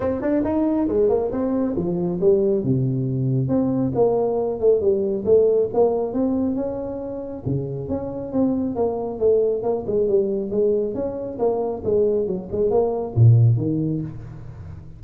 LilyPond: \new Staff \with { instrumentName = "tuba" } { \time 4/4 \tempo 4 = 137 c'8 d'8 dis'4 gis8 ais8 c'4 | f4 g4 c2 | c'4 ais4. a8 g4 | a4 ais4 c'4 cis'4~ |
cis'4 cis4 cis'4 c'4 | ais4 a4 ais8 gis8 g4 | gis4 cis'4 ais4 gis4 | fis8 gis8 ais4 ais,4 dis4 | }